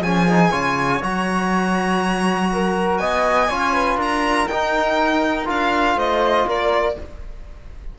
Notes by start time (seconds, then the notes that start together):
0.00 F3 C#4 G#4 G#5
0.29 D#4
0.51 C#3 F4 C#5
1.01 F#3 F#4 A#5
2.53 A#4
2.98 B3 D#5 G#5
3.49 C#4 F4 C#5
3.73 B4
3.96 D4 A#4 A#5
4.47 D#4 G5
5.45 D4 F4 F5
5.95 A3 C5 D#5
6.46 A#3 A#4 D5